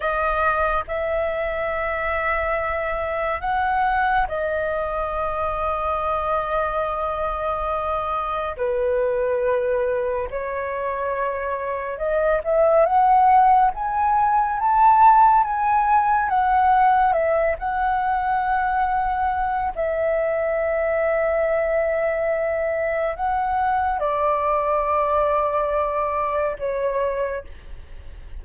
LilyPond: \new Staff \with { instrumentName = "flute" } { \time 4/4 \tempo 4 = 70 dis''4 e''2. | fis''4 dis''2.~ | dis''2 b'2 | cis''2 dis''8 e''8 fis''4 |
gis''4 a''4 gis''4 fis''4 | e''8 fis''2~ fis''8 e''4~ | e''2. fis''4 | d''2. cis''4 | }